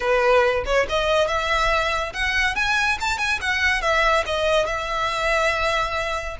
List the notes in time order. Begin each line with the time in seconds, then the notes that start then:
0.00 B4
0.65 C#5
0.89 D#5
1.27 E5
2.13 F#5
2.55 G#5
3.00 A5
3.17 G#5
3.41 F#5
3.81 E5
4.26 D#5
4.66 E5